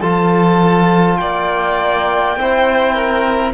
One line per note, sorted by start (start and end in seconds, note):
0.00 1.19 F3
0.00 2.37 F4
0.00 1.18 A4
0.00 1.17 A5
1.17 2.36 A#3
1.17 2.38 D5
1.17 3.52 G5
2.36 3.53 C4
2.36 3.53 E4
2.36 2.94 C5
2.94 3.53 A#4